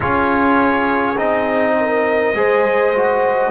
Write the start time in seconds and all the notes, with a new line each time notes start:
0.00 C#4 F4 G#4 C#5
1.16 C4 D#4 D#5
1.79 A#4
2.34 G#3 G#4 C5
2.95 F#4